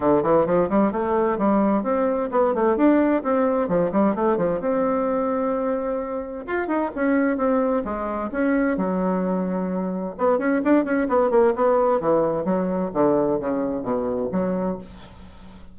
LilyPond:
\new Staff \with { instrumentName = "bassoon" } { \time 4/4 \tempo 4 = 130 d8 e8 f8 g8 a4 g4 | c'4 b8 a8 d'4 c'4 | f8 g8 a8 f8 c'2~ | c'2 f'8 dis'8 cis'4 |
c'4 gis4 cis'4 fis4~ | fis2 b8 cis'8 d'8 cis'8 | b8 ais8 b4 e4 fis4 | d4 cis4 b,4 fis4 | }